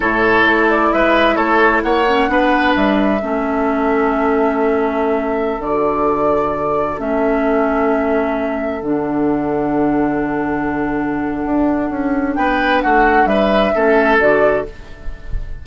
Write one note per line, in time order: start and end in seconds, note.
0.00 0.45 A2
0.00 2.05 E4
0.00 0.89 A4
0.00 0.69 C#5
0.45 0.91 A3
0.69 0.92 D5
0.92 1.37 G#3
0.92 1.35 B4
0.92 1.36 E5
1.35 1.83 A3
1.35 1.81 A4
1.35 1.81 C#5
1.82 2.28 A#3
1.82 2.30 C#5
1.82 2.74 F#5
2.06 2.28 C#4
2.28 2.74 B3
2.28 3.19 D4
2.28 3.21 B4
2.75 3.22 G3
2.75 5.61 E5
3.21 5.59 A3
3.21 5.60 C#4
3.21 12.37 A4
5.59 6.96 D3
5.59 6.98 F#4
5.59 6.99 D5
6.98 8.81 A3
6.98 8.81 C#4
6.98 8.81 E5
8.81 11.45 D3
8.81 13.75 D4
8.81 12.34 F#5
11.45 11.90 D4
11.90 12.35 C#4
12.34 12.82 B3
12.34 12.83 B4
12.34 12.80 G5
12.81 13.25 A3
12.81 13.28 F#4
12.81 13.26 F#5
13.25 13.71 G3
13.25 13.74 B4
13.25 14.17 E5
13.75 14.19 A3
13.75 14.19 C#4
13.75 14.66 A4
14.19 14.65 D3
14.19 14.65 F#4
14.19 14.65 D5